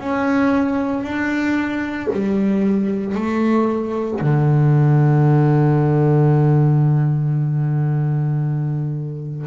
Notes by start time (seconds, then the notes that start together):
0.00 C#4
1.03 D4
2.13 G3
3.15 A3
4.21 D3